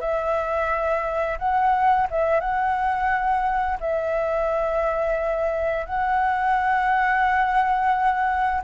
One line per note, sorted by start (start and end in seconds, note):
0.00 1.38 E5
1.38 2.07 F#5
2.10 2.40 E5
2.40 3.78 F#5
3.80 5.86 E5
5.86 8.61 F#5